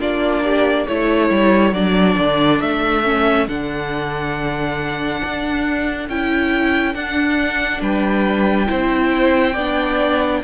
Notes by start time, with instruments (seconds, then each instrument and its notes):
0.00 cello A#3, viola D4, violin F4 D5
0.44 violin G4
0.87 cello A3, viola E4, violin A4 C#5
1.30 cello G3
1.73 cello F#3, viola D4, violin D5
2.18 cello D3
2.61 cello A3, violin E5
3.04 viola C#4
3.48 cello D3, viola D4, violin F#5
5.24 cello D4
6.09 cello C#4, viola E4, violin G5
6.95 viola D4, cello D4, violin F#5
7.81 cello G3, violin B4 G5
8.67 cello C4, viola E4, violin C5
9.53 cello B3, viola D4, violin D5